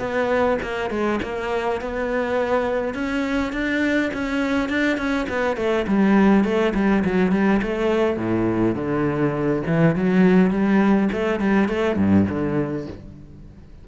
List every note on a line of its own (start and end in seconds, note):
0.00 0.58 B3
0.62 0.91 A#3
0.91 1.20 G#3
1.23 1.81 A#3
1.81 2.95 B3
2.95 3.53 C#4
3.53 4.11 D4
4.14 4.69 C#4
4.69 4.98 D4
4.98 5.27 C#4
5.29 5.57 B3
5.57 5.86 A3
5.88 6.45 G3
6.45 6.74 A3
6.75 7.04 G3
7.05 7.32 F#3
7.32 7.62 G3
7.63 8.17 A3
8.17 8.75 A2
8.75 9.63 D3
9.67 9.96 E3
9.96 10.51 F#3
10.51 11.09 G3
11.12 11.40 A3
11.40 11.69 G3
11.69 11.97 A3
11.97 12.26 G2
12.30 12.88 D3